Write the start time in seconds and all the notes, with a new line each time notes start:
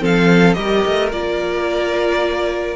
0.00 F3 C4 A4 F5
0.54 G3 G4 A#4 D#5
0.86 A3
1.12 A#3 F4 D5